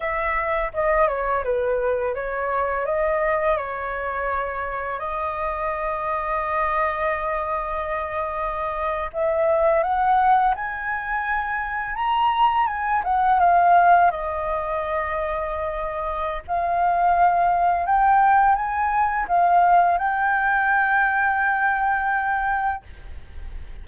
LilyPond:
\new Staff \with { instrumentName = "flute" } { \time 4/4 \tempo 4 = 84 e''4 dis''8 cis''8 b'4 cis''4 | dis''4 cis''2 dis''4~ | dis''1~ | dis''8. e''4 fis''4 gis''4~ gis''16~ |
gis''8. ais''4 gis''8 fis''8 f''4 dis''16~ | dis''2. f''4~ | f''4 g''4 gis''4 f''4 | g''1 | }